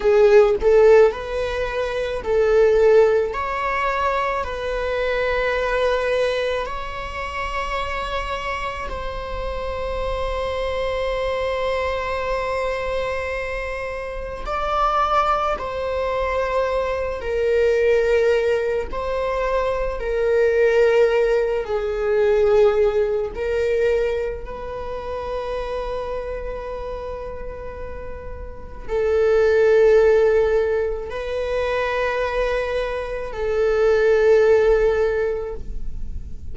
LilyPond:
\new Staff \with { instrumentName = "viola" } { \time 4/4 \tempo 4 = 54 gis'8 a'8 b'4 a'4 cis''4 | b'2 cis''2 | c''1~ | c''4 d''4 c''4. ais'8~ |
ais'4 c''4 ais'4. gis'8~ | gis'4 ais'4 b'2~ | b'2 a'2 | b'2 a'2 | }